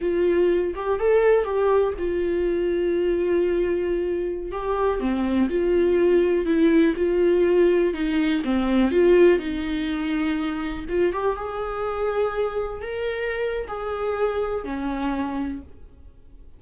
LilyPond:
\new Staff \with { instrumentName = "viola" } { \time 4/4 \tempo 4 = 123 f'4. g'8 a'4 g'4 | f'1~ | f'4~ f'16 g'4 c'4 f'8.~ | f'4~ f'16 e'4 f'4.~ f'16~ |
f'16 dis'4 c'4 f'4 dis'8.~ | dis'2~ dis'16 f'8 g'8 gis'8.~ | gis'2~ gis'16 ais'4.~ ais'16 | gis'2 cis'2 | }